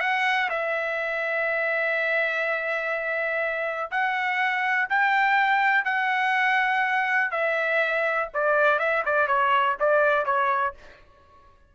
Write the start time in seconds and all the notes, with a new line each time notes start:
0.00 F#5
0.49 E5
3.91 F#5
4.89 G5
5.85 F#5
7.31 E5
8.33 D5
8.79 E5
9.05 D5
9.27 C#5
9.80 D5
10.25 C#5